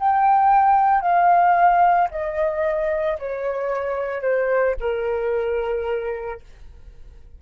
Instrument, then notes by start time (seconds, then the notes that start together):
flute
0.00 G5
1.01 F5
2.11 D#5
3.19 C#5
4.22 C5
4.81 A#4